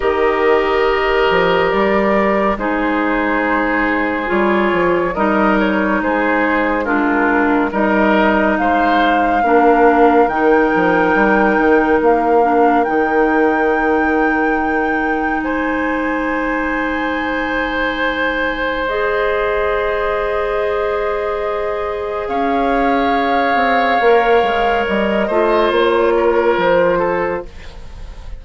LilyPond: <<
  \new Staff \with { instrumentName = "flute" } { \time 4/4 \tempo 4 = 70 dis''2 d''4 c''4~ | c''4 cis''4 dis''8 cis''8 c''4 | ais'4 dis''4 f''2 | g''2 f''4 g''4~ |
g''2 gis''2~ | gis''2 dis''2~ | dis''2 f''2~ | f''4 dis''4 cis''4 c''4 | }
  \new Staff \with { instrumentName = "oboe" } { \time 4/4 ais'2. gis'4~ | gis'2 ais'4 gis'4 | f'4 ais'4 c''4 ais'4~ | ais'1~ |
ais'2 c''2~ | c''1~ | c''2 cis''2~ | cis''4. c''4 ais'4 a'8 | }
  \new Staff \with { instrumentName = "clarinet" } { \time 4/4 g'2. dis'4~ | dis'4 f'4 dis'2 | d'4 dis'2 d'4 | dis'2~ dis'8 d'8 dis'4~ |
dis'1~ | dis'2 gis'2~ | gis'1 | ais'4. f'2~ f'8 | }
  \new Staff \with { instrumentName = "bassoon" } { \time 4/4 dis4. f8 g4 gis4~ | gis4 g8 f8 g4 gis4~ | gis4 g4 gis4 ais4 | dis8 f8 g8 dis8 ais4 dis4~ |
dis2 gis2~ | gis1~ | gis2 cis'4. c'8 | ais8 gis8 g8 a8 ais4 f4 | }
>>